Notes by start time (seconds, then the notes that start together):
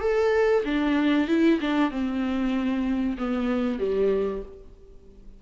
0.00 A4
0.64 D4
1.27 E4
1.60 D4
1.90 C4
3.17 B3
3.79 G3